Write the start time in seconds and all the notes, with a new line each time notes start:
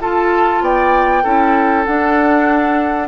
0.00 F4 A4 A5
0.61 B3 D5 G5
1.23 C#4 E4 A4
1.85 D4 F#5